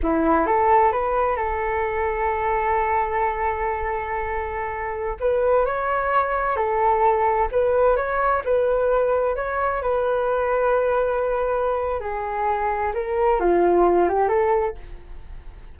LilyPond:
\new Staff \with { instrumentName = "flute" } { \time 4/4 \tempo 4 = 130 e'4 a'4 b'4 a'4~ | a'1~ | a'2.~ a'16 b'8.~ | b'16 cis''2 a'4.~ a'16~ |
a'16 b'4 cis''4 b'4.~ b'16~ | b'16 cis''4 b'2~ b'8.~ | b'2 gis'2 | ais'4 f'4. g'8 a'4 | }